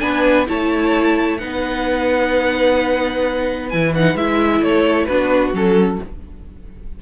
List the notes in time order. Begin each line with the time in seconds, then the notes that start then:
0.00 B3 D4 B4 G#5
0.47 A3 E4 C#5 A5
1.38 B3 D#4 B4 F#5
3.70 E3 E4 G#5
3.95 D#4 F#5
4.15 G#3 E4 E5
4.61 A3 A4 C#5
5.06 B3 D4 F#4 B4
5.53 F#3 C#4 A4